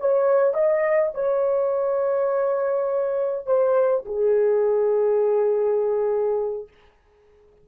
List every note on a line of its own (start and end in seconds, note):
0.00 0.54 C#5
0.54 1.13 D#5
1.14 3.46 C#5
3.46 4.05 C5
4.06 6.68 G#4